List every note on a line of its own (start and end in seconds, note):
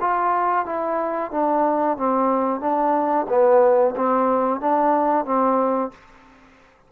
0.00 0.65 F4
0.65 1.31 E4
1.31 1.97 D4
1.97 2.60 C4
2.60 3.26 D4
3.28 3.94 B3
3.96 4.60 C4
4.60 5.25 D4
5.25 5.91 C4